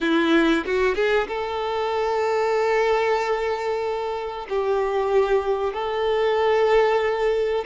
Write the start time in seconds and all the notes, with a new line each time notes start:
0.00 E4
0.65 F#4
0.95 G#4
1.27 A4
4.49 G4
5.73 A4